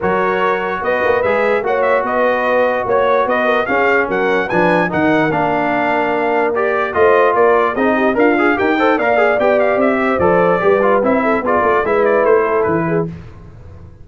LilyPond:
<<
  \new Staff \with { instrumentName = "trumpet" } { \time 4/4 \tempo 4 = 147 cis''2 dis''4 e''4 | fis''8 e''8 dis''2 cis''4 | dis''4 f''4 fis''4 gis''4 | fis''4 f''2. |
d''4 dis''4 d''4 dis''4 | f''4 g''4 f''4 g''8 f''8 | e''4 d''2 e''4 | d''4 e''8 d''8 c''4 b'4 | }
  \new Staff \with { instrumentName = "horn" } { \time 4/4 ais'2 b'2 | cis''4 b'2 cis''4 | b'8 ais'8 gis'4 ais'4 b'4 | ais'1~ |
ais'4 c''4 ais'4 gis'8 g'8 | f'4 ais'8 c''8 d''2~ | d''8 c''4. b'4. a'8 | gis'8 a'8 b'4. a'4 gis'8 | }
  \new Staff \with { instrumentName = "trombone" } { \time 4/4 fis'2. gis'4 | fis'1~ | fis'4 cis'2 d'4 | dis'4 d'2. |
g'4 f'2 dis'4 | ais'8 gis'8 g'8 a'8 ais'8 gis'8 g'4~ | g'4 a'4 g'8 f'8 e'4 | f'4 e'2. | }
  \new Staff \with { instrumentName = "tuba" } { \time 4/4 fis2 b8 ais8 gis4 | ais4 b2 ais4 | b4 cis'4 fis4 f4 | dis4 ais2.~ |
ais4 a4 ais4 c'4 | d'4 dis'4 ais4 b4 | c'4 f4 g4 c'4 | b8 a8 gis4 a4 e4 | }
>>